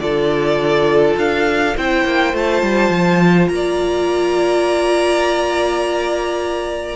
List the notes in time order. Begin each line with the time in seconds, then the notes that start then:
0.00 D3 F4 A4 D5
1.17 D4 F5
1.76 C4 E4 C5 G5
2.05 A#3
2.33 A3 F4 A5
2.62 G3
2.90 F3
3.49 A#3 A#5
3.55 D5